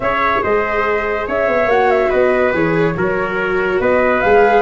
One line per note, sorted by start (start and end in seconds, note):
0.00 0.39 C#4
0.00 1.70 G#4
0.00 0.43 C#5
0.00 0.42 E5
0.42 1.28 G#3
0.42 1.27 C5
0.42 1.27 D#5
1.27 1.47 C#4
1.27 2.09 C#5
1.27 1.70 E5
1.47 1.66 B3
1.66 2.08 A#3
1.66 2.52 F#4
1.66 1.90 F#5
1.90 2.11 E5
2.09 2.53 B3
2.09 2.93 B4
2.09 2.53 D#5
2.52 2.96 E3
2.52 2.95 G#4
2.52 3.80 C#5
2.96 3.79 F#3
2.96 4.23 F#4
2.96 3.80 A#4
3.79 4.21 B3
3.79 4.62 B4
3.79 4.21 D#5
4.21 4.62 G#3
4.21 4.62 G#4
4.21 4.62 F5